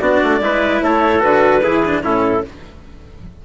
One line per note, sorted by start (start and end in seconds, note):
0.00 0.21 B3
0.00 0.41 D4
0.00 0.42 F#4
0.00 0.81 D5
0.23 0.41 A3
0.41 0.81 G#3
0.41 1.20 E4
0.41 0.84 B4
0.82 1.23 A3
0.82 1.63 A4
0.82 1.22 C#5
1.20 1.64 D3
1.20 1.60 F#4
1.20 2.03 B4
1.63 2.03 E3
1.63 1.84 E4
1.63 2.03 G#4
1.85 2.03 D4
2.03 2.43 A2
2.03 2.44 C#4
2.03 2.45 E4
2.03 2.45 A4